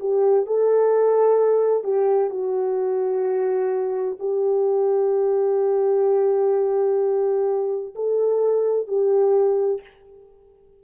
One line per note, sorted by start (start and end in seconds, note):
0.00 0.46 G4
0.46 1.84 A4
1.84 2.30 G4
2.30 4.18 F#4
4.19 7.94 G4
7.95 8.87 A4
8.87 9.81 G4